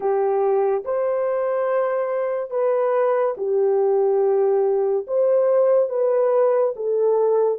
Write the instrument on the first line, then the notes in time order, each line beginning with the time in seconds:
horn
0.00 G4
0.85 C5
2.50 B4
3.36 G4
5.07 C5
5.89 B4
6.76 A4